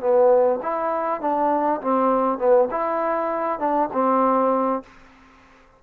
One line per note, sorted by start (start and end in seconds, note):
0.00 0.60 B3
0.62 1.21 E4
1.21 1.81 D4
1.81 2.39 C4
2.39 2.69 B3
2.71 3.59 E4
3.59 3.89 D4
3.93 4.83 C4